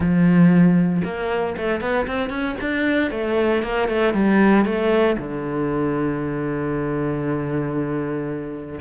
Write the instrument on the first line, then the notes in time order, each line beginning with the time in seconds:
cello
0.00 F3
1.04 A#3
1.57 A3
1.80 B3
2.06 C4
2.29 C#4
2.60 D4
3.11 A3
3.63 A#3
3.88 A3
4.13 G3
4.65 A3
5.17 D3